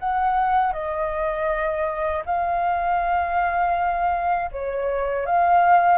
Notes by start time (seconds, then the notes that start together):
0.00 F#5
0.73 D#5
2.26 F5
4.52 C#5
5.26 F5